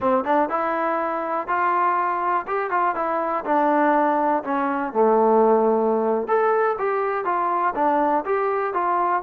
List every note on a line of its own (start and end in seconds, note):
0.00 0.24 C4
0.24 0.49 D4
0.49 1.47 E4
1.47 2.46 F4
2.47 2.70 G4
2.70 2.95 F4
2.95 3.44 E4
3.44 4.43 D4
4.43 4.92 C#4
4.92 6.27 A3
6.27 6.76 A4
6.78 7.24 G4
7.24 7.73 F4
7.75 8.24 D4
8.25 8.73 G4
8.73 9.22 F4